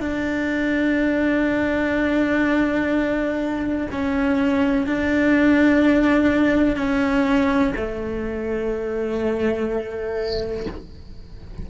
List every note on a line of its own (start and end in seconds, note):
0.00 3.87 D4
3.91 4.86 C#4
4.86 6.76 D4
6.76 7.72 C#4
7.76 10.66 A3